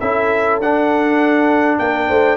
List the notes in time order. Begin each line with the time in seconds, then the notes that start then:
0.00 C#4 E4 A4 E5
0.60 D4 F#5
1.79 A#3 A#4 G5
2.08 A3 C5